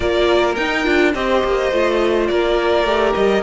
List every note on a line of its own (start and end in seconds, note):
0.00 0.57 A#3
0.00 0.56 F4
0.00 1.14 A#4
0.00 0.54 D5
0.55 0.86 D#4
0.55 0.84 D#4
0.55 1.12 G5
0.84 1.14 D4
0.84 1.12 F4
1.14 1.43 C4
1.14 1.72 G4
1.14 2.30 C5
1.14 2.27 D#5
1.43 1.72 A#3
1.72 2.29 A3
1.72 2.85 F4
2.27 2.84 A#3
2.27 3.43 A#4
2.27 3.13 D5
2.84 3.12 A3
2.84 3.42 G4
3.14 3.43 G3
3.14 3.43 D#5